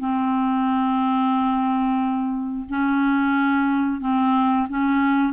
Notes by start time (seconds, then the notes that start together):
0.00 C4
2.69 C#4
4.01 C4
4.70 C#4